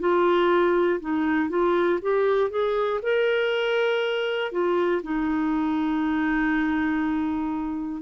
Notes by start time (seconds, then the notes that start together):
0.00 F4
1.00 D#4
1.50 F4
2.02 G4
2.51 G#4
3.03 A#4
4.52 F4
5.03 D#4